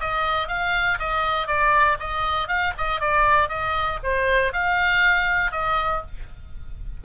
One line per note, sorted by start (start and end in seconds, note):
0.00 0.48 D#5
0.48 0.98 F5
0.99 1.47 D#5
1.47 1.98 D5
1.99 2.48 D#5
2.48 2.73 F5
2.78 3.00 D#5
3.00 3.49 D5
3.49 3.99 D#5
4.03 4.53 C5
4.53 5.51 F5
5.51 6.02 D#5